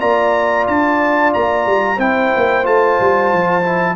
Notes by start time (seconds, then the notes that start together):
0.00 A#3 F4 D5 A#5
0.67 D4 A5
1.34 A#3 A#5
1.67 G3
1.97 C4 E4 C5 G5
2.36 A#3
2.63 A3 F4 A5
3.01 G3
3.33 F3
3.63 E4